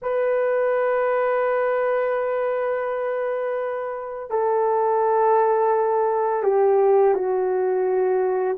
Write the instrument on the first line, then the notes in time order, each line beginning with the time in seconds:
horn
0.02 B4
4.30 A4
6.43 G4
7.14 F#4